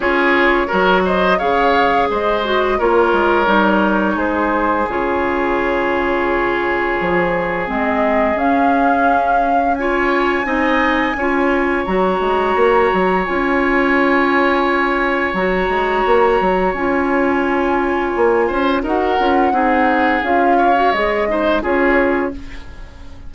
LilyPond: <<
  \new Staff \with { instrumentName = "flute" } { \time 4/4 \tempo 4 = 86 cis''4. dis''8 f''4 dis''4 | cis''2 c''4 cis''4~ | cis''2. dis''4 | f''2 gis''2~ |
gis''4 ais''2 gis''4~ | gis''2 ais''2 | gis''2. fis''4~ | fis''4 f''4 dis''4 cis''4 | }
  \new Staff \with { instrumentName = "oboe" } { \time 4/4 gis'4 ais'8 c''8 cis''4 c''4 | ais'2 gis'2~ | gis'1~ | gis'2 cis''4 dis''4 |
cis''1~ | cis''1~ | cis''2~ cis''8 c''8 ais'4 | gis'4. cis''4 c''8 gis'4 | }
  \new Staff \with { instrumentName = "clarinet" } { \time 4/4 f'4 fis'4 gis'4. fis'8 | f'4 dis'2 f'4~ | f'2. c'4 | cis'2 f'4 dis'4 |
f'4 fis'2 f'4~ | f'2 fis'2 | f'2. fis'8 f'8 | dis'4 f'8. fis'16 gis'8 dis'8 f'4 | }
  \new Staff \with { instrumentName = "bassoon" } { \time 4/4 cis'4 fis4 cis4 gis4 | ais8 gis8 g4 gis4 cis4~ | cis2 f4 gis4 | cis'2. c'4 |
cis'4 fis8 gis8 ais8 fis8 cis'4~ | cis'2 fis8 gis8 ais8 fis8 | cis'2 ais8 cis'8 dis'8 cis'8 | c'4 cis'4 gis4 cis'4 | }
>>